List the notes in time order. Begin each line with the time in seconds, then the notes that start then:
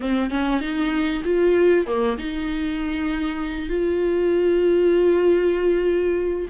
0.00 C4
0.30 C#4
0.60 D#4
1.24 F4
1.86 A#3
2.17 D#4
3.69 F4